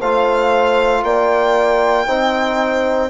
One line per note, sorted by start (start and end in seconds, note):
0.00 1.03 A3
0.00 2.07 F4
0.00 1.03 C5
0.00 1.04 F5
1.03 2.07 A#3
1.03 2.08 D5
1.03 3.10 G5
2.07 3.10 C4
2.07 3.10 D#4
2.07 3.10 C5